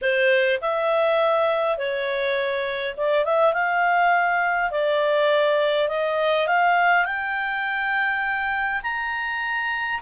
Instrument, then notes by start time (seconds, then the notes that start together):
clarinet
0.01 C5
0.61 E5
1.77 C#5
2.97 D5
3.24 E5
3.53 F5
4.70 D5
5.88 D#5
6.47 F5
7.05 G5
8.82 A#5